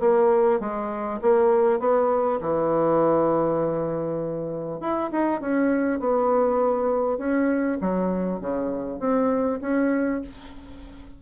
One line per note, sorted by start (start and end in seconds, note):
0.00 0.60 A#3
0.60 1.20 G#3
1.22 1.79 A#3
1.79 2.39 B3
2.41 4.80 E3
4.80 5.10 E4
5.12 5.41 D#4
5.41 5.99 C#4
5.99 7.18 B3
7.18 7.78 C#4
7.81 8.40 F#3
8.40 8.99 C#3
8.99 9.59 C4
9.61 10.21 C#4